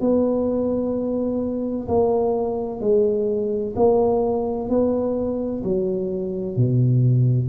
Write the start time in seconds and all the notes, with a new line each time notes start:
0.00 B3
1.88 A#3
2.80 G#3
3.75 A#3
4.69 B3
5.63 F#3
6.56 B2